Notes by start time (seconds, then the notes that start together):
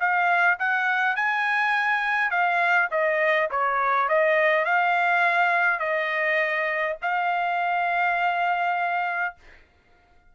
0.00 F5
0.59 F#5
1.16 G#5
2.31 F5
2.91 D#5
3.51 C#5
4.09 D#5
4.65 F5
5.80 D#5
7.02 F5